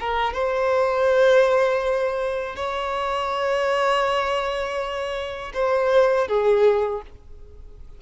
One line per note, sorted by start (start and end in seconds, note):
0.00 0.34 A#4
0.34 2.56 C5
2.56 5.52 C#5
5.54 6.28 C5
6.28 7.02 G#4